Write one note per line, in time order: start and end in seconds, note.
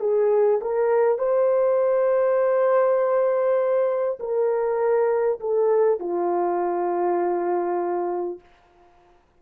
0.00 0.60 G#4
0.62 1.18 A#4
1.18 4.18 C5
4.20 5.40 A#4
5.40 5.99 A4
5.99 8.39 F4